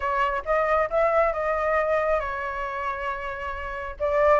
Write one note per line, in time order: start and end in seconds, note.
0.00 0.43 C#5
0.45 0.89 D#5
0.90 1.32 E5
1.32 2.20 D#5
2.20 3.96 C#5
3.99 4.39 D5